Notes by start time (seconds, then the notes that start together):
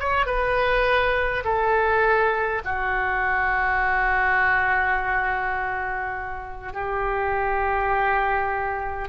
0.00 C#5
0.26 B4
1.45 A4
2.65 F#4
6.73 G4